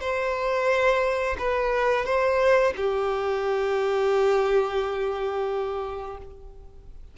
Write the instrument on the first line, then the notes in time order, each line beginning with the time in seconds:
violin
0.00 C5
1.39 B4
2.05 C5
2.76 G4